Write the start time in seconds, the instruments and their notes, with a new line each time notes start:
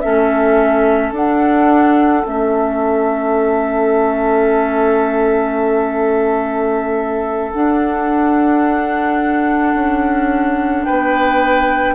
0.00 bassoon A3, clarinet C#4, oboe A4, flute E5
1.11 bassoon D4, clarinet D4, flute F#5
2.23 bassoon A3, clarinet C#4, flute E5
7.52 clarinet D4, bassoon D4, flute F#5
9.74 bassoon C#4
10.84 bassoon B3, oboe B4, flute G5